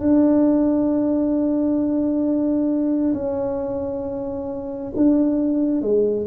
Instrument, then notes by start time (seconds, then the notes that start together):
tuba
0.00 D4
3.14 C#4
4.96 D4
5.82 G#3